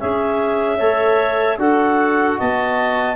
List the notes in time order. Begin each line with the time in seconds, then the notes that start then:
0.00 C#4 G#4 E5
0.78 A3 A4 C#5
1.58 D4 F#4 A4 F#5
2.38 B3 D#5 A5